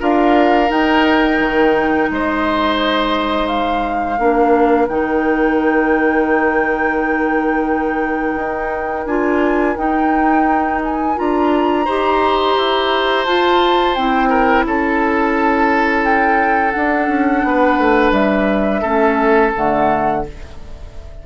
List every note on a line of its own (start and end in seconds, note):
0.00 0.71 D4
0.00 0.68 F4
0.00 2.10 A#4
0.00 0.72 F5
0.68 4.17 D#4
0.68 1.40 D#4
0.68 2.11 G5
1.40 2.09 D#3
2.11 4.19 G#3
2.11 4.19 C5
2.11 3.48 D#5
3.48 4.87 F5
4.19 4.89 A#3
4.19 4.89 D4
4.19 11.85 A#4
4.89 8.36 D#3
4.89 9.08 D#4
4.89 9.07 G5
8.36 9.06 D#4
9.06 9.76 D4
9.06 9.77 F4
9.06 9.77 G#5
9.77 11.16 D#4
9.77 11.17 D#4
9.77 10.82 G5
10.84 11.19 G#5
11.16 11.88 D4
11.16 11.86 F4
11.16 13.26 A#5
11.85 12.58 D#4
11.85 13.27 G4
11.85 14.30 C5
12.58 13.26 E4
13.26 13.96 F4
13.26 13.97 F4
13.26 13.95 A5
13.95 14.66 C4
13.95 16.74 E4
13.95 14.65 G5
14.30 14.65 A#4
14.66 16.75 C#4
14.66 17.46 A4
14.66 16.05 A5
16.05 16.72 G5
16.72 18.83 D4
16.72 17.08 D4
16.72 18.11 F#5
17.08 17.43 C#4
17.44 17.79 B3
17.44 18.82 B4
17.79 18.12 A3
18.12 18.82 G3
18.12 19.52 E5
18.82 19.53 A3
18.82 19.53 C#4
18.82 20.22 A4
19.55 20.27 D3
19.55 20.25 A3
19.55 20.26 F#5